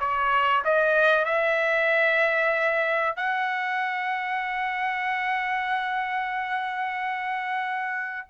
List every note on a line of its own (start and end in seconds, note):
0.00 0.64 C#5
0.65 1.25 D#5
1.25 3.17 E5
3.17 8.27 F#5